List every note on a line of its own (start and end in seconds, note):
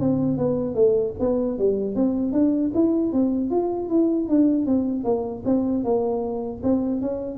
0.00 0.38 C4
0.38 0.74 B3
0.74 1.13 A3
1.19 1.58 B3
1.58 1.95 G3
1.95 2.32 C4
2.32 2.71 D4
2.74 3.12 E4
3.12 3.50 C4
3.50 3.89 F4
3.89 4.28 E4
4.28 4.66 D4
4.66 5.04 C4
5.04 5.43 A#3
5.45 5.84 C4
5.84 6.62 A#3
6.63 7.01 C4
7.01 7.38 C#4